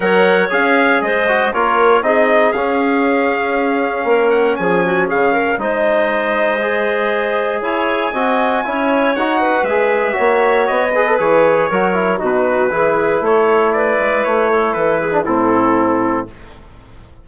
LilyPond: <<
  \new Staff \with { instrumentName = "trumpet" } { \time 4/4 \tempo 4 = 118 fis''4 f''4 dis''4 cis''4 | dis''4 f''2.~ | f''8 fis''8 gis''4 f''4 dis''4~ | dis''2. gis''4~ |
gis''2 fis''4 e''4~ | e''4 dis''4 cis''2 | b'2 cis''4 d''4 | cis''4 b'4 a'2 | }
  \new Staff \with { instrumentName = "clarinet" } { \time 4/4 cis''2 c''4 ais'4 | gis'1 | ais'4 gis'8 fis'8 gis'8 ais'8 c''4~ | c''2. cis''4 |
dis''4 cis''4. b'4. | cis''4. b'4. ais'4 | fis'4 gis'4 a'4 b'4~ | b'8 a'4 gis'8 e'2 | }
  \new Staff \with { instrumentName = "trombone" } { \time 4/4 ais'4 gis'4. fis'8 f'4 | dis'4 cis'2.~ | cis'2. dis'4~ | dis'4 gis'2. |
fis'4 e'4 fis'4 gis'4 | fis'4. gis'16 a'16 gis'4 fis'8 e'8 | dis'4 e'2.~ | e'4.~ e'16 d'16 c'2 | }
  \new Staff \with { instrumentName = "bassoon" } { \time 4/4 fis4 cis'4 gis4 ais4 | c'4 cis'2. | ais4 f4 cis4 gis4~ | gis2. e'4 |
c'4 cis'4 dis'4 gis4 | ais4 b4 e4 fis4 | b,4 e4 a4. gis8 | a4 e4 a,2 | }
>>